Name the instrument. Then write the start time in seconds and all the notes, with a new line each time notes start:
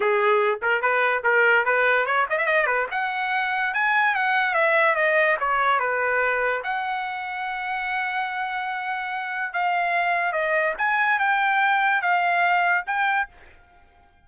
trumpet
0.00 G#4
0.62 A#4
0.81 B4
1.23 A#4
1.65 B4
2.05 C#5
2.29 D#5
2.38 E5
2.46 D#5
2.66 B4
2.91 F#5
3.74 G#5
4.15 F#5
4.54 E5
4.95 D#5
5.40 C#5
5.79 B4
6.63 F#5
9.53 F5
10.32 D#5
10.77 G#5
11.19 G5
12.01 F5
12.86 G5